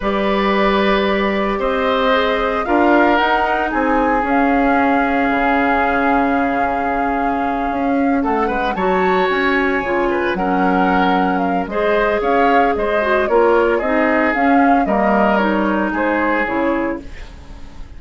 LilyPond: <<
  \new Staff \with { instrumentName = "flute" } { \time 4/4 \tempo 4 = 113 d''2. dis''4~ | dis''4 f''4 fis''4 gis''4 | f''1~ | f''2.~ f''8 fis''8~ |
fis''8 a''4 gis''2 fis''8~ | fis''4. f''8 dis''4 f''4 | dis''4 cis''4 dis''4 f''4 | dis''4 cis''4 c''4 cis''4 | }
  \new Staff \with { instrumentName = "oboe" } { \time 4/4 b'2. c''4~ | c''4 ais'2 gis'4~ | gis'1~ | gis'2.~ gis'8 a'8 |
b'8 cis''2~ cis''8 b'8 ais'8~ | ais'2 c''4 cis''4 | c''4 ais'4 gis'2 | ais'2 gis'2 | }
  \new Staff \with { instrumentName = "clarinet" } { \time 4/4 g'1 | gis'4 f'4 dis'2 | cis'1~ | cis'1~ |
cis'8 fis'2 f'4 cis'8~ | cis'2 gis'2~ | gis'8 fis'8 f'4 dis'4 cis'4 | ais4 dis'2 e'4 | }
  \new Staff \with { instrumentName = "bassoon" } { \time 4/4 g2. c'4~ | c'4 d'4 dis'4 c'4 | cis'2 cis2~ | cis2~ cis8 cis'4 a8 |
gis8 fis4 cis'4 cis4 fis8~ | fis2 gis4 cis'4 | gis4 ais4 c'4 cis'4 | g2 gis4 cis4 | }
>>